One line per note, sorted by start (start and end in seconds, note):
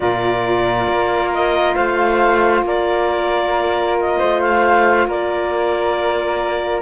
0.00 0.87 A#2
0.00 6.81 F4
0.00 1.75 A#4
0.00 1.31 D5
0.87 1.75 A#3
1.33 1.74 D#5
1.74 2.62 A3
1.74 2.64 C5
1.74 2.62 F5
2.62 4.16 A#3
2.62 4.18 A#4
2.62 3.99 D5
3.99 4.41 D#5
4.18 5.06 A3
4.18 5.06 C5
4.41 5.07 F5
5.06 6.81 A#3
5.06 6.81 A#4
5.06 6.81 D5